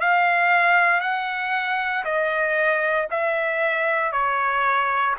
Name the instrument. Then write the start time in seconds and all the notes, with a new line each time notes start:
trumpet
0.00 F5
1.01 F#5
2.05 D#5
3.10 E5
4.12 C#5